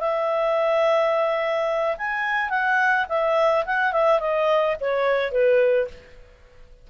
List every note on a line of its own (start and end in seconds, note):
0.00 1.96 E5
1.98 2.50 G#5
2.50 3.06 F#5
3.09 3.65 E5
3.66 3.93 F#5
3.93 4.20 E5
4.20 4.76 D#5
4.80 5.32 C#5
5.32 5.88 B4